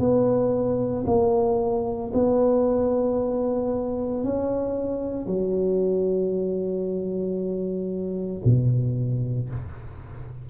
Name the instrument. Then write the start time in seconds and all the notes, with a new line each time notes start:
tuba
0.00 B3
1.07 A#3
2.14 B3
4.24 C#4
5.27 F#3
8.44 B2